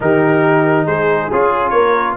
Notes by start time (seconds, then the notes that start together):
0.00 D#3 D#4 G4 A#4
0.85 G#3 G#4 C5
1.32 C#4 F4 G#4
1.69 A#3 A#4 C#5